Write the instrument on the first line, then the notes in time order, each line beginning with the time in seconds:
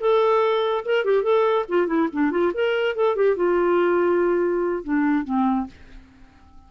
clarinet
0.00 A4
0.85 A#4
1.05 G4
1.23 A4
1.68 F4
1.87 E4
2.12 D4
2.31 F4
2.54 A#4
2.95 A4
3.16 G4
3.36 F4
4.84 D4
5.24 C4